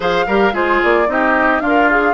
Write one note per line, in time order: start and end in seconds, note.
0.00 0.25 F3
0.00 0.27 G#4
0.00 0.25 C5
0.00 0.55 F5
0.26 0.53 G3
0.26 0.52 G4
0.26 0.53 A#4
0.52 0.80 G#3
0.52 1.06 F4
0.52 1.07 G#4
0.52 0.82 C5
0.83 1.08 A#3
0.83 1.10 D5
1.06 1.60 C4
1.06 1.60 D#4
1.06 1.62 G4
1.06 1.60 D#5
1.60 2.14 D4
1.60 2.14 F4
1.60 2.14 F5
1.66 1.91 A#4
1.91 2.14 G#4